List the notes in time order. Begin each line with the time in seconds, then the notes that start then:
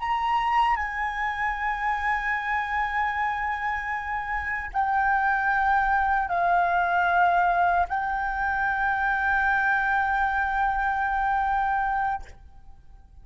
0.00 A#5
0.76 G#5
4.73 G5
6.29 F5
7.88 G5